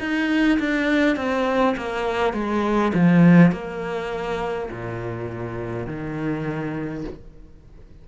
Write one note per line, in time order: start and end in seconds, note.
0.00 0.59 D#4
0.59 1.17 D4
1.17 1.75 C4
1.77 2.34 A#3
2.34 2.93 G#3
2.94 3.52 F3
3.52 4.70 A#3
4.71 5.87 A#2
5.87 7.04 D#3